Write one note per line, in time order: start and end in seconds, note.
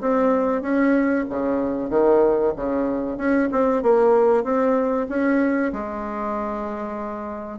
0.00 0.61 C4
0.61 1.24 C#4
1.29 1.89 C#3
1.89 2.53 D#3
2.56 3.17 C#3
3.17 3.49 C#4
3.51 3.82 C4
3.82 4.44 A#3
4.44 5.07 C4
5.09 5.72 C#4
5.72 7.59 G#3